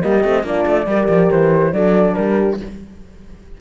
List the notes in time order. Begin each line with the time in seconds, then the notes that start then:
0.00 G3 A#3 G4 D#5
0.23 A3 C4
0.43 A#3 D4 F4 D5
0.66 A3
0.86 G3 G4 A#4
1.08 F3
1.31 E3 C5
1.72 F#3 D4 A4 D5
2.14 G3 G4 A#4